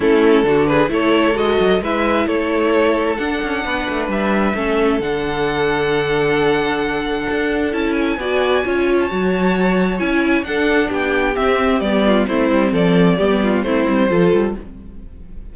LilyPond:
<<
  \new Staff \with { instrumentName = "violin" } { \time 4/4 \tempo 4 = 132 a'4. b'8 cis''4 dis''4 | e''4 cis''2 fis''4~ | fis''4 e''2 fis''4~ | fis''1~ |
fis''4 a''8 gis''2~ gis''16 a''16~ | a''2 gis''4 fis''4 | g''4 e''4 d''4 c''4 | d''2 c''2 | }
  \new Staff \with { instrumentName = "violin" } { \time 4/4 e'4 fis'8 gis'8 a'2 | b'4 a'2. | b'2 a'2~ | a'1~ |
a'2 d''4 cis''4~ | cis''2. a'4 | g'2~ g'8 f'8 e'4 | a'4 g'8 f'8 e'4 a'4 | }
  \new Staff \with { instrumentName = "viola" } { \time 4/4 cis'4 d'4 e'4 fis'4 | e'2. d'4~ | d'2 cis'4 d'4~ | d'1~ |
d'4 e'4 fis'4 f'4 | fis'2 e'4 d'4~ | d'4 c'4 b4 c'4~ | c'4 b4 c'4 f'4 | }
  \new Staff \with { instrumentName = "cello" } { \time 4/4 a4 d4 a4 gis8 fis8 | gis4 a2 d'8 cis'8 | b8 a8 g4 a4 d4~ | d1 |
d'4 cis'4 b4 cis'4 | fis2 cis'4 d'4 | b4 c'4 g4 a8 g8 | f4 g4 a8 g8 f8 g8 | }
>>